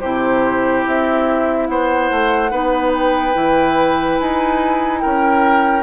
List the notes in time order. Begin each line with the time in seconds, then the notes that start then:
0.00 C3 E4 G4 C5
0.86 C4 E5
1.66 B3 C5 F#5
2.10 A3
2.51 B3 D#4 B4
2.94 G5
3.32 E3 E4
4.18 D#4 G#5
4.99 C#4 A#4 G5